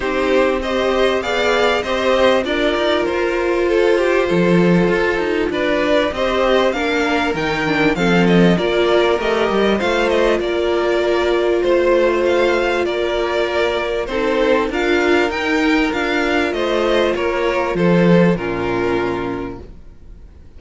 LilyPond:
<<
  \new Staff \with { instrumentName = "violin" } { \time 4/4 \tempo 4 = 98 c''4 dis''4 f''4 dis''4 | d''4 c''2.~ | c''4 d''4 dis''4 f''4 | g''4 f''8 dis''8 d''4 dis''4 |
f''8 dis''8 d''2 c''4 | f''4 d''2 c''4 | f''4 g''4 f''4 dis''4 | cis''4 c''4 ais'2 | }
  \new Staff \with { instrumentName = "violin" } { \time 4/4 g'4 c''4 d''4 c''4 | ais'2 a'8 g'8 a'4~ | a'4 b'4 c''4 ais'4~ | ais'4 a'4 ais'2 |
c''4 ais'2 c''4~ | c''4 ais'2 a'4 | ais'2. c''4 | ais'4 a'4 f'2 | }
  \new Staff \with { instrumentName = "viola" } { \time 4/4 dis'4 g'4 gis'4 g'4 | f'1~ | f'2 g'4 d'4 | dis'8 d'8 c'4 f'4 g'4 |
f'1~ | f'2. dis'4 | f'4 dis'4 f'2~ | f'2 cis'2 | }
  \new Staff \with { instrumentName = "cello" } { \time 4/4 c'2 b4 c'4 | d'8 dis'8 f'2 f4 | f'8 dis'8 d'4 c'4 ais4 | dis4 f4 ais4 a8 g8 |
a4 ais2 a4~ | a4 ais2 c'4 | d'4 dis'4 d'4 a4 | ais4 f4 ais,2 | }
>>